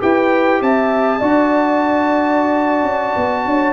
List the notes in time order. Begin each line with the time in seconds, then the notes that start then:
0.00 E4 G4 B4 G5
0.61 C4 E5 A5
1.19 D4 F#4 D5
2.83 C#4
3.16 B3
3.45 D4 C#5